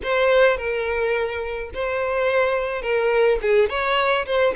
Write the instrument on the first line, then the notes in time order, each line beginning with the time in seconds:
violin
0.03 C5
0.57 A#4
1.73 C5
2.81 A#4
3.41 G#4
3.69 C#5
4.26 C5